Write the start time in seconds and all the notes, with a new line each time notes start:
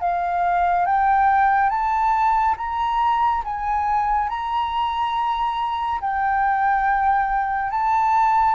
0.00 F5
0.86 G5
1.69 A5
2.57 A#5
3.44 G#5
4.29 A#5
6.00 G5
7.71 A5